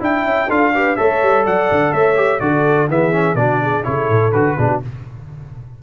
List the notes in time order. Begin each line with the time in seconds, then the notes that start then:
0.00 D4 E4 E5 G5
0.25 C#4
0.48 D4 F4 A4 F5
0.75 G4 B4
0.96 A3 A4 C#5 E5
1.23 G3
1.45 F#3 D5 F#5
1.71 D3
1.93 A3 C#5 E5
2.16 G4
2.41 D3 F#4 A4 D5
2.89 E3 B3 G#4 E5
3.13 C#4
3.35 B2 D4 F#4 D5
3.62 G#4
3.84 C#3 E4 A4 C#5
4.09 A2
4.32 D3 F#4 B4
4.59 B2 D4 G#4
4.69 F#4